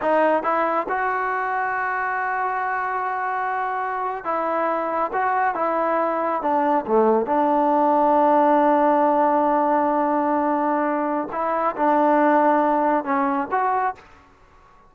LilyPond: \new Staff \with { instrumentName = "trombone" } { \time 4/4 \tempo 4 = 138 dis'4 e'4 fis'2~ | fis'1~ | fis'4.~ fis'16 e'2 fis'16~ | fis'8. e'2 d'4 a16~ |
a8. d'2.~ d'16~ | d'1~ | d'2 e'4 d'4~ | d'2 cis'4 fis'4 | }